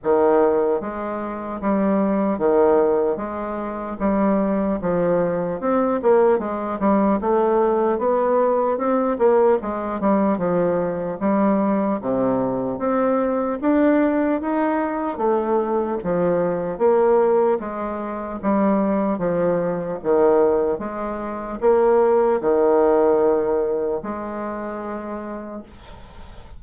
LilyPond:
\new Staff \with { instrumentName = "bassoon" } { \time 4/4 \tempo 4 = 75 dis4 gis4 g4 dis4 | gis4 g4 f4 c'8 ais8 | gis8 g8 a4 b4 c'8 ais8 | gis8 g8 f4 g4 c4 |
c'4 d'4 dis'4 a4 | f4 ais4 gis4 g4 | f4 dis4 gis4 ais4 | dis2 gis2 | }